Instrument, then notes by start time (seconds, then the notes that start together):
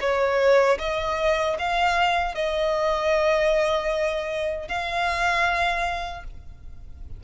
violin
0.00 C#5
0.78 D#5
1.58 F5
2.34 D#5
4.68 F5